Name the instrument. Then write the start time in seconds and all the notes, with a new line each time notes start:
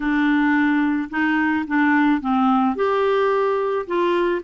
clarinet
0.00 D4
1.10 D#4
1.67 D4
2.20 C4
2.75 G4
3.86 F4